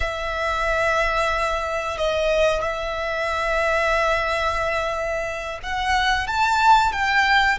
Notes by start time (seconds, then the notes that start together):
0.00 E5
1.98 D#5
2.62 E5
5.62 F#5
6.27 A5
6.92 G5